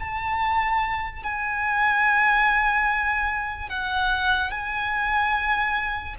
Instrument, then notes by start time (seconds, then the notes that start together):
violin
0.00 A5
1.24 G#5
3.69 F#5
4.51 G#5